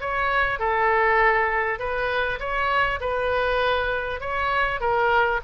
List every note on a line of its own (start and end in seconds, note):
0.00 0.59 C#5
0.59 1.79 A4
1.79 2.39 B4
2.39 2.99 C#5
3.00 4.20 B4
4.20 4.80 C#5
4.80 5.40 A#4